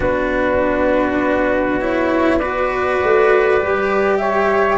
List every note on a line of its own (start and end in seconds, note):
0.00 2.99 B3
0.00 1.80 D4
0.00 2.39 F#4
0.00 1.80 B4
1.80 2.40 E4
1.80 2.38 C#5
2.38 3.60 F#4
2.38 4.20 B4
2.38 4.17 D5
3.02 3.62 A3
3.60 4.78 G3
3.60 4.78 G4
4.17 4.78 C#5
4.17 4.77 E5